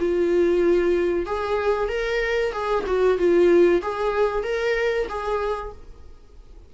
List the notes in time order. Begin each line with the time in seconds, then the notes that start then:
0.00 F4
1.26 G#4
1.89 A#4
2.53 G#4
2.87 F#4
3.18 F4
3.82 G#4
4.44 A#4
5.09 G#4